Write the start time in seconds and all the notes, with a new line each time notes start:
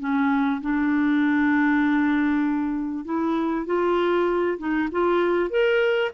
0.00 C#4
0.62 D4
3.05 E4
3.67 F4
4.59 D#4
4.92 F4
5.50 A#4